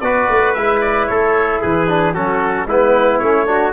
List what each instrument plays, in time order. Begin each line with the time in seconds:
0.00 tuba B3, trombone F#4, trumpet B4, oboe D5
0.29 tuba A3
0.53 tuba G#3, trombone E4, oboe E5
0.81 oboe D5
1.06 tuba A3, trumpet A4, oboe C#5
1.61 tuba E3, trumpet G#4, oboe B4
1.87 trombone D4
2.13 tuba F#3, trombone C#4, trumpet F#4, oboe A4
2.66 tuba G#3, trombone B3, trumpet E4, oboe B4
3.18 tuba A3, trombone C#4, oboe C#5
3.46 trombone D4, trumpet F#4